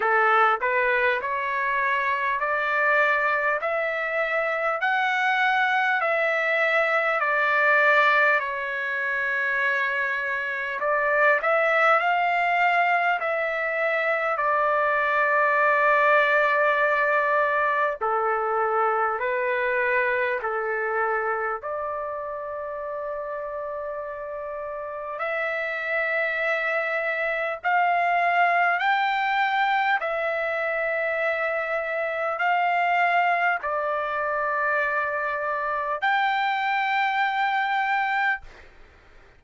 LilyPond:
\new Staff \with { instrumentName = "trumpet" } { \time 4/4 \tempo 4 = 50 a'8 b'8 cis''4 d''4 e''4 | fis''4 e''4 d''4 cis''4~ | cis''4 d''8 e''8 f''4 e''4 | d''2. a'4 |
b'4 a'4 d''2~ | d''4 e''2 f''4 | g''4 e''2 f''4 | d''2 g''2 | }